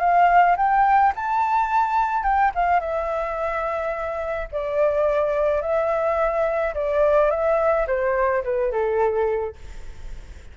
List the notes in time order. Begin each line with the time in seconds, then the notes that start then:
0.00 F5
0.57 G5
1.15 A5
2.23 G5
2.55 F5
2.80 E5
4.52 D5
5.62 E5
6.74 D5
7.30 E5
7.87 C5
8.44 B4
8.71 A4